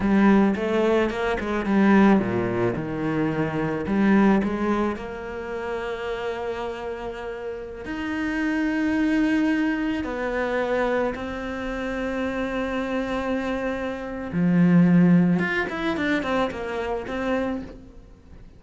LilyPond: \new Staff \with { instrumentName = "cello" } { \time 4/4 \tempo 4 = 109 g4 a4 ais8 gis8 g4 | ais,4 dis2 g4 | gis4 ais2.~ | ais2~ ais16 dis'4.~ dis'16~ |
dis'2~ dis'16 b4.~ b16~ | b16 c'2.~ c'8.~ | c'2 f2 | f'8 e'8 d'8 c'8 ais4 c'4 | }